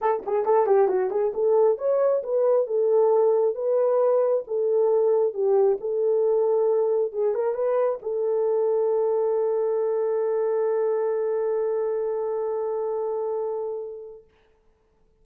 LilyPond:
\new Staff \with { instrumentName = "horn" } { \time 4/4 \tempo 4 = 135 a'8 gis'8 a'8 g'8 fis'8 gis'8 a'4 | cis''4 b'4 a'2 | b'2 a'2 | g'4 a'2. |
gis'8 ais'8 b'4 a'2~ | a'1~ | a'1~ | a'1 | }